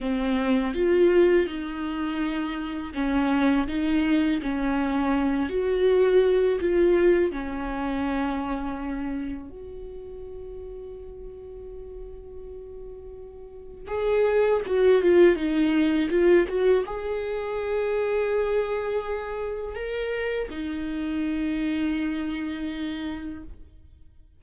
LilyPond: \new Staff \with { instrumentName = "viola" } { \time 4/4 \tempo 4 = 82 c'4 f'4 dis'2 | cis'4 dis'4 cis'4. fis'8~ | fis'4 f'4 cis'2~ | cis'4 fis'2.~ |
fis'2. gis'4 | fis'8 f'8 dis'4 f'8 fis'8 gis'4~ | gis'2. ais'4 | dis'1 | }